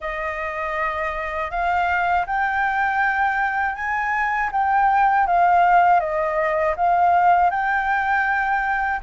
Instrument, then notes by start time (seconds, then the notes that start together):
flute
0.00 D#5
1.50 F5
2.26 G5
3.75 G#5
4.51 G5
5.26 F5
6.00 D#5
6.76 F5
7.50 G5